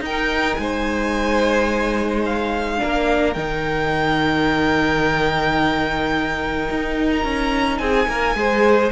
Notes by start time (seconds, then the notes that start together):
0.00 D#4 A#4 G5
0.55 G#3 G#5
0.61 C5
2.25 F5
2.78 A#3 D4 A#4
3.33 D#3 D#4 G5
6.70 D#4
7.12 A#5
7.24 C#4
7.78 C4 G#4 G#5
8.08 A#3 A#4
8.35 G#3 G#4 C5